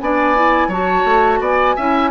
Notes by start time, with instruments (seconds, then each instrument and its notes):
0.00 bassoon B3, clarinet D4, oboe D5, flute G#5
0.35 clarinet E4
0.67 bassoon F#3, clarinet F#4, oboe C#5, flute A5
1.04 bassoon A3
1.40 bassoon B3, oboe D5, flute G#5
1.75 bassoon C#4, clarinet E4, oboe E5